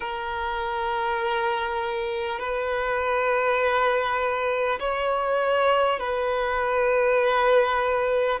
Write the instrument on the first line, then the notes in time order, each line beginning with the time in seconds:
violin
0.00 A#4
2.39 B4
4.79 C#5
5.99 B4